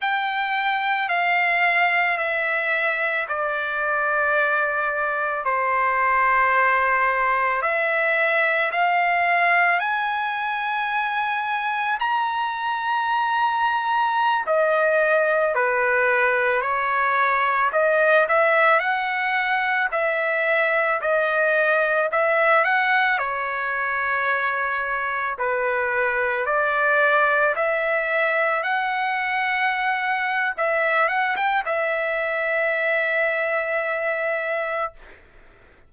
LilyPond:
\new Staff \with { instrumentName = "trumpet" } { \time 4/4 \tempo 4 = 55 g''4 f''4 e''4 d''4~ | d''4 c''2 e''4 | f''4 gis''2 ais''4~ | ais''4~ ais''16 dis''4 b'4 cis''8.~ |
cis''16 dis''8 e''8 fis''4 e''4 dis''8.~ | dis''16 e''8 fis''8 cis''2 b'8.~ | b'16 d''4 e''4 fis''4.~ fis''16 | e''8 fis''16 g''16 e''2. | }